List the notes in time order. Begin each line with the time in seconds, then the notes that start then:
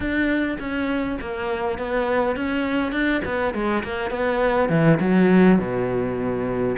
0.00 D4
0.59 C#4
1.21 A#3
1.78 B3
2.35 C#4
2.92 D4
3.24 B3
3.53 G#3
3.83 A#3
4.10 B3
4.69 E3
5.00 F#3
5.58 B2